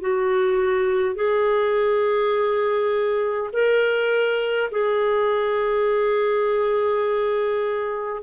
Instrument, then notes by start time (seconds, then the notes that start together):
clarinet
0.00 F#4
1.15 G#4
3.52 A#4
4.71 G#4